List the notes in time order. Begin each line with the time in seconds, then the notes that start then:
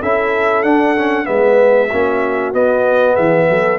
0.00 C#4 E4 A4 E5
0.62 D4 F#5
0.96 C#4
1.24 G#3 B3 B4 E5
1.87 A#3 C#4 F#4
2.53 B3 D#5
3.13 E3 G#4 E5
3.49 F#3 A4